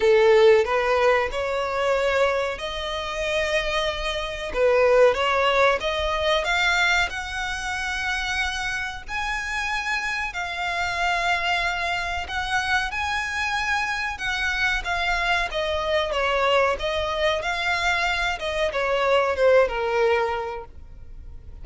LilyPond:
\new Staff \with { instrumentName = "violin" } { \time 4/4 \tempo 4 = 93 a'4 b'4 cis''2 | dis''2. b'4 | cis''4 dis''4 f''4 fis''4~ | fis''2 gis''2 |
f''2. fis''4 | gis''2 fis''4 f''4 | dis''4 cis''4 dis''4 f''4~ | f''8 dis''8 cis''4 c''8 ais'4. | }